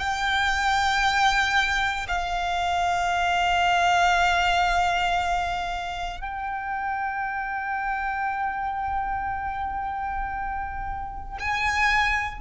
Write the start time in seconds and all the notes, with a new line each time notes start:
0.00 G5
2.08 F5
6.21 G5
11.40 G#5